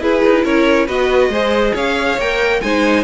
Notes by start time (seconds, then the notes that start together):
0.00 E4 G#4 B4
0.25 D#4
0.45 C#4 A#4 C#5
0.86 B3 F#4 B4 D#5
1.29 G#3 G#4 C5
1.74 C#4 C#5 F5
2.18 A#3 A#4 G5
2.61 G#3 D#4 C5 G#5